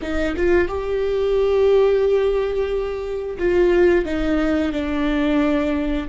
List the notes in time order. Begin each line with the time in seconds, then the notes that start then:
0.01 D#4
0.36 F4
0.68 G4
3.38 F4
4.04 D#4
4.72 D4